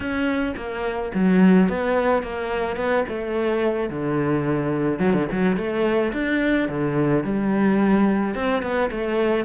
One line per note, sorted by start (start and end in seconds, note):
0.00 0.54 C#4
0.56 1.12 A#3
1.14 1.68 F#3
1.68 2.22 B3
2.22 2.76 A#3
2.76 3.04 B3
3.08 3.89 A3
3.89 4.99 D3
4.99 5.13 F#3
5.13 5.27 D3
5.31 5.56 F#3
5.56 6.12 A3
6.12 6.68 D4
6.68 7.24 D3
7.24 8.34 G3
8.34 8.62 C4
8.62 8.90 B3
8.90 9.45 A3